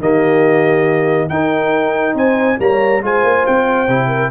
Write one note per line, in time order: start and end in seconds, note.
0.00 1.29 D#3
0.00 1.31 A#3
0.00 1.31 G4
0.00 1.29 D#5
1.29 2.15 D#4
1.29 2.59 D#4
1.29 2.15 A#4
1.29 2.16 G5
2.15 2.58 C4
2.15 2.58 C5
2.15 2.60 G#5
2.59 3.03 G3
2.59 3.02 A#3
2.59 3.04 C#5
2.59 3.04 A#5
3.02 3.23 G#3
3.02 3.88 F4
3.02 4.08 C5
3.02 3.47 G#5
3.23 3.45 A#3
3.47 3.88 C4
3.47 4.32 G5
3.88 4.31 C3
3.88 4.32 E4
4.08 4.30 A#4